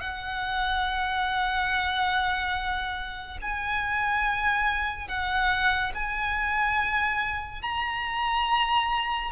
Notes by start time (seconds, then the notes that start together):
0.00 F#5
3.42 G#5
5.08 F#5
5.95 G#5
7.62 A#5